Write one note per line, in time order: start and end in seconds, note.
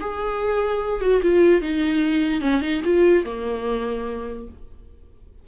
0.00 1.01 G#4
1.01 1.21 F#4
1.22 1.61 F4
1.61 2.41 D#4
2.41 2.61 C#4
2.61 2.82 D#4
2.84 3.25 F4
3.25 4.47 A#3